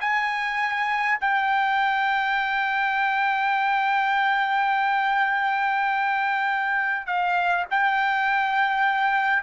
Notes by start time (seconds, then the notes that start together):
0.00 G#5
1.20 G5
7.06 F5
7.70 G5